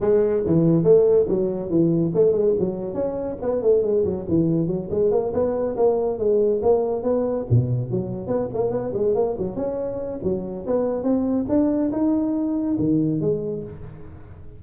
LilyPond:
\new Staff \with { instrumentName = "tuba" } { \time 4/4 \tempo 4 = 141 gis4 e4 a4 fis4 | e4 a8 gis8 fis4 cis'4 | b8 a8 gis8 fis8 e4 fis8 gis8 | ais8 b4 ais4 gis4 ais8~ |
ais8 b4 b,4 fis4 b8 | ais8 b8 gis8 ais8 fis8 cis'4. | fis4 b4 c'4 d'4 | dis'2 dis4 gis4 | }